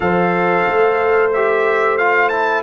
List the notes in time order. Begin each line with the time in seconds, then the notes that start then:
0.00 F3 A4 C5 F5
0.67 A3
1.32 G4 E5
1.97 F4 F5
2.29 E4 A5